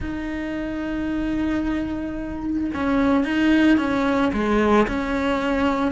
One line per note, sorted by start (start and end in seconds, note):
0.00 2.71 D#4
2.74 3.24 C#4
3.24 3.77 D#4
3.77 4.31 C#4
4.33 4.87 G#3
4.87 5.91 C#4